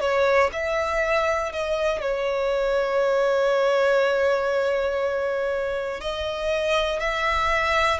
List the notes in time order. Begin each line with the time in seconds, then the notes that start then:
0.00 C#5
0.53 E5
1.52 D#5
2.01 C#5
6.00 D#5
7.00 E5